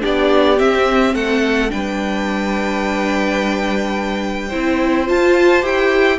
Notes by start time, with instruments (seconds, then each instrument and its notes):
0.00 cello B3, viola D4, violin G4 D5
0.58 viola C4, cello C4, violin E5
1.14 cello A3, violin A4 F#5
1.69 cello G3, viola D4, violin B4 G5
4.48 cello C4, viola E4, violin C5
5.06 viola F4, cello F4, violin A5
5.62 cello E4, viola G4, violin G5